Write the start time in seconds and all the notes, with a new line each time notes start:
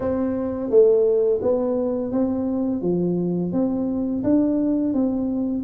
0.00 C4
0.70 A3
1.42 B3
2.11 C4
2.81 F3
3.52 C4
4.24 D4
4.93 C4